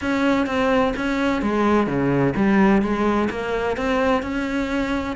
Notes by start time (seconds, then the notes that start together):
0.01 C#4
0.46 C4
0.96 C#4
1.41 G#3
1.86 C#3
2.36 G3
2.81 G#3
3.30 A#3
3.76 C4
4.22 C#4